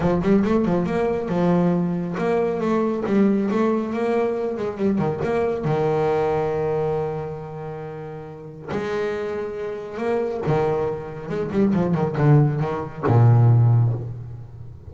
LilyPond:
\new Staff \with { instrumentName = "double bass" } { \time 4/4 \tempo 4 = 138 f8 g8 a8 f8 ais4 f4~ | f4 ais4 a4 g4 | a4 ais4. gis8 g8 dis8 | ais4 dis2.~ |
dis1 | gis2. ais4 | dis2 gis8 g8 f8 dis8 | d4 dis4 ais,2 | }